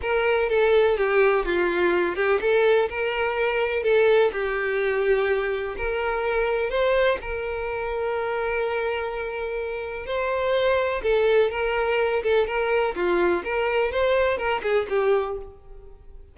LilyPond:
\new Staff \with { instrumentName = "violin" } { \time 4/4 \tempo 4 = 125 ais'4 a'4 g'4 f'4~ | f'8 g'8 a'4 ais'2 | a'4 g'2. | ais'2 c''4 ais'4~ |
ais'1~ | ais'4 c''2 a'4 | ais'4. a'8 ais'4 f'4 | ais'4 c''4 ais'8 gis'8 g'4 | }